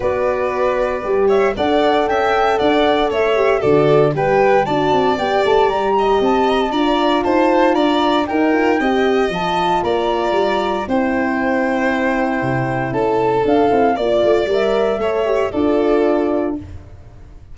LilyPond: <<
  \new Staff \with { instrumentName = "flute" } { \time 4/4 \tempo 4 = 116 d''2~ d''8 e''8 fis''4 | g''4 fis''4 e''4 d''4 | g''4 a''4 g''8 a''8 ais''4 | a''8 ais''16 a''16 ais''4 a''4 ais''4 |
g''2 a''4 ais''4~ | ais''4 g''2.~ | g''4 a''4 f''4 d''4 | e''2 d''2 | }
  \new Staff \with { instrumentName = "violin" } { \time 4/4 b'2~ b'8 cis''8 d''4 | e''4 d''4 cis''4 a'4 | b'4 d''2~ d''8 dis''8~ | dis''4 d''4 c''4 d''4 |
ais'4 dis''2 d''4~ | d''4 c''2.~ | c''4 a'2 d''4~ | d''4 cis''4 a'2 | }
  \new Staff \with { instrumentName = "horn" } { \time 4/4 fis'2 g'4 a'4~ | a'2~ a'8 g'8 fis'4 | g'4 fis'4 g'2~ | g'4 f'2. |
dis'8 f'8 g'4 f'2~ | f'4 e'2.~ | e'2 d'8 e'8 f'4 | ais'4 a'8 g'8 f'2 | }
  \new Staff \with { instrumentName = "tuba" } { \time 4/4 b2 g4 d'4 | cis'4 d'4 a4 d4 | g4 d'8 c'8 b8 a8 g4 | c'4 d'4 dis'4 d'4 |
dis'4 c'4 f4 ais4 | g4 c'2. | c4 cis'4 d'8 c'8 ais8 a8 | g4 a4 d'2 | }
>>